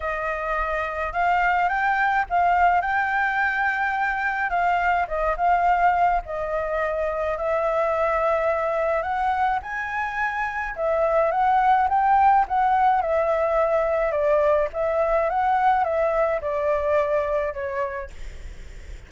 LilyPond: \new Staff \with { instrumentName = "flute" } { \time 4/4 \tempo 4 = 106 dis''2 f''4 g''4 | f''4 g''2. | f''4 dis''8 f''4. dis''4~ | dis''4 e''2. |
fis''4 gis''2 e''4 | fis''4 g''4 fis''4 e''4~ | e''4 d''4 e''4 fis''4 | e''4 d''2 cis''4 | }